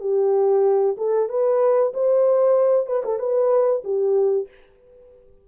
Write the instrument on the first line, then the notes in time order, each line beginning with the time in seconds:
horn
0.00 G4
0.97 A4
1.29 B4
1.94 C5
2.86 B4
3.04 A4
3.19 B4
3.84 G4